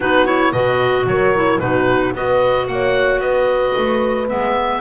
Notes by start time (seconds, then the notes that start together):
0.00 B3 D#4 F#4 B4
0.26 E4 C#5
0.51 B2 F#4 B4 D#5
1.06 F#3 A#4 C#5
1.35 E4
1.59 B2 D#4 F#4 B4
2.14 B3 F#4 B4 D#5
2.67 A#3 C#5 F#5
3.19 B3 B4 D#5
3.77 A3
4.28 G#3 B3 E5